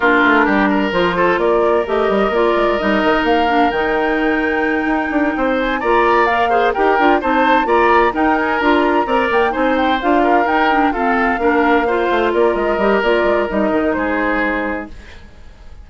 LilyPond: <<
  \new Staff \with { instrumentName = "flute" } { \time 4/4 \tempo 4 = 129 ais'2 c''4 d''4 | dis''4 d''4 dis''4 f''4 | g''1 | gis''8 ais''4 f''4 g''4 a''8~ |
a''8 ais''4 g''8 gis''8 ais''4. | g''8 gis''8 g''8 f''4 g''4 f''8~ | f''2~ f''8 d''8 dis''4 | d''4 dis''4 c''2 | }
  \new Staff \with { instrumentName = "oboe" } { \time 4/4 f'4 g'8 ais'4 a'8 ais'4~ | ais'1~ | ais'2.~ ais'8 c''8~ | c''8 d''4. c''8 ais'4 c''8~ |
c''8 d''4 ais'2 d''8~ | d''8 c''4. ais'4. a'8~ | a'8 ais'4 c''4 ais'4.~ | ais'2 gis'2 | }
  \new Staff \with { instrumentName = "clarinet" } { \time 4/4 d'2 f'2 | g'4 f'4 dis'4. d'8 | dis'1~ | dis'8 f'4 ais'8 gis'8 g'8 f'8 dis'8~ |
dis'8 f'4 dis'4 f'4 ais'8~ | ais'8 dis'4 f'4 dis'8 d'8 c'8~ | c'8 d'4 f'2 g'8 | f'4 dis'2. | }
  \new Staff \with { instrumentName = "bassoon" } { \time 4/4 ais8 a8 g4 f4 ais4 | a8 g8 ais8 gis8 g8 dis8 ais4 | dis2~ dis8 dis'8 d'8 c'8~ | c'8 ais2 dis'8 d'8 c'8~ |
c'8 ais4 dis'4 d'4 c'8 | ais8 c'4 d'4 dis'4 f'8~ | f'8 ais4. a8 ais8 gis8 g8 | ais8 gis8 g8 dis8 gis2 | }
>>